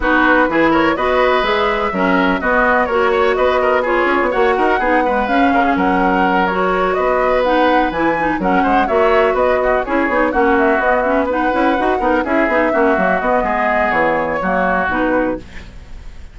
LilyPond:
<<
  \new Staff \with { instrumentName = "flute" } { \time 4/4 \tempo 4 = 125 b'4. cis''8 dis''4 e''4~ | e''4 dis''4 cis''4 dis''4 | cis''4 fis''2 f''4 | fis''4. cis''4 dis''4 fis''8~ |
fis''8 gis''4 fis''4 e''4 dis''8~ | dis''8 cis''4 fis''8 e''8 dis''8 e''8 fis''8~ | fis''4. e''2 dis''8~ | dis''4 cis''2 b'4 | }
  \new Staff \with { instrumentName = "oboe" } { \time 4/4 fis'4 gis'8 ais'8 b'2 | ais'4 fis'4 ais'8 cis''8 b'8 ais'8 | gis'4 cis''8 ais'8 gis'8 b'4 ais'16 gis'16 | ais'2~ ais'8 b'4.~ |
b'4. ais'8 c''8 cis''4 b'8 | fis'8 gis'4 fis'2 b'8~ | b'4 ais'8 gis'4 fis'4. | gis'2 fis'2 | }
  \new Staff \with { instrumentName = "clarinet" } { \time 4/4 dis'4 e'4 fis'4 gis'4 | cis'4 b4 fis'2 | f'4 fis'4 dis'8 gis8 cis'4~ | cis'4. fis'2 dis'8~ |
dis'8 e'8 dis'8 cis'4 fis'4.~ | fis'8 e'8 dis'8 cis'4 b8 cis'8 dis'8 | e'8 fis'8 dis'8 e'8 dis'8 cis'8 ais8 b8~ | b2 ais4 dis'4 | }
  \new Staff \with { instrumentName = "bassoon" } { \time 4/4 b4 e4 b4 gis4 | fis4 b4 ais4 b4~ | b8 cis'16 b16 ais8 dis'8 b4 cis'8 cis8 | fis2~ fis8 b4.~ |
b8 e4 fis8 gis8 ais4 b8~ | b8 cis'8 b8 ais4 b4. | cis'8 dis'8 b8 cis'8 b8 ais8 fis8 b8 | gis4 e4 fis4 b,4 | }
>>